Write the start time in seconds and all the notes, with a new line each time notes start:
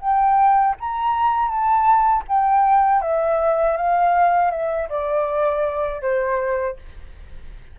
0.00 G5
0.80 A#5
1.47 A5
2.28 G5
3.01 E5
3.76 F5
4.51 E5
4.89 D5
6.01 C5